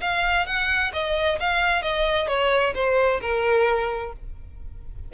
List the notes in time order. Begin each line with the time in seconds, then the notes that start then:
0.00 F5
0.46 F#5
0.93 D#5
1.39 F5
1.82 D#5
2.28 C#5
2.74 C5
3.20 A#4